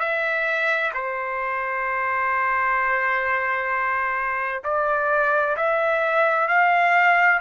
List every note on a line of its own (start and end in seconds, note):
0.00 0.92 E5
0.94 4.63 C5
4.64 5.56 D5
5.57 6.49 E5
6.49 7.41 F5